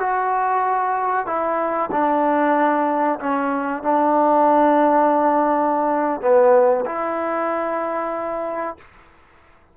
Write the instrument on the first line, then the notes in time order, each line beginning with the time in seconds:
trombone
0.00 F#4
1.27 E4
1.92 D4
3.20 C#4
3.83 D4
6.21 B3
6.86 E4